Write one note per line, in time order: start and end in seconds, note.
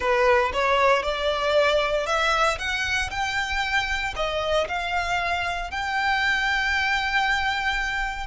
0.00 0.51 B4
0.53 1.03 C#5
1.03 2.06 D5
2.06 2.58 E5
2.58 3.10 F#5
3.10 4.14 G5
4.15 4.67 D#5
4.68 5.70 F5
5.70 8.26 G5